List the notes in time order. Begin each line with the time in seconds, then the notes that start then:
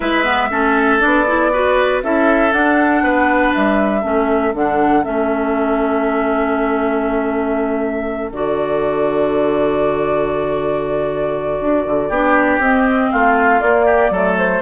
0.00 G#3 E4 B4 E5
0.24 B3
0.50 A3 C#4 A4
0.99 B3 D4 D5
1.27 E4
1.52 F#4 B4
2.03 C#4 E4 A4 E5
2.51 D4 F#5
3.02 B3 B4
3.54 G3 E5
4.01 A3 C#4 A4
4.54 D3 D4 F#5
5.03 A3 C#4 E5
8.31 D3 F#4 D5
11.60 D4
11.86 D3
12.08 B3 D4 G4
12.58 C4 D#5
13.11 A3 F4 F5
13.60 A#3 D5
13.85 G4
14.10 F#3 A3 A4
14.38 C5